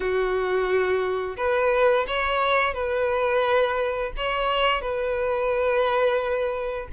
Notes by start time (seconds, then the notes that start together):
0.00 F#4
1.36 B4
2.07 C#5
2.74 B4
4.17 C#5
4.81 B4